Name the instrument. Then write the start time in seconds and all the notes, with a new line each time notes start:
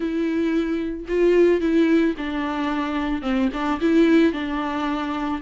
viola
0.00 E4
1.08 F4
1.60 E4
2.17 D4
3.22 C4
3.53 D4
3.81 E4
4.32 D4